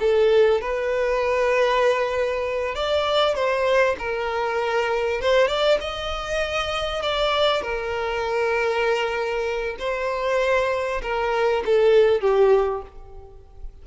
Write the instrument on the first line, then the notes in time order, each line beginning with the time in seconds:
violin
0.00 A4
0.61 B4
2.75 D5
3.35 C5
3.99 A#4
5.21 C5
5.47 D5
5.81 D#5
7.02 D5
7.62 A#4
9.79 C5
11.02 A#4
11.65 A4
12.21 G4